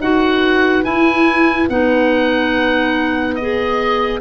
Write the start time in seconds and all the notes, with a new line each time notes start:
0.00 D#4 F#4 B4 F#5
0.84 E4 G#5
1.70 B3 D#4 F#5
3.36 G#4 D#5